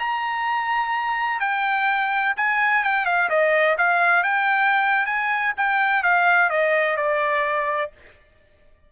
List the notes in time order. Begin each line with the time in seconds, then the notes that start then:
0.00 A#5
1.40 G5
2.37 G#5
2.84 G5
3.06 F5
3.30 D#5
3.78 F5
4.24 G5
5.06 G#5
5.57 G5
6.03 F5
6.50 D#5
6.97 D5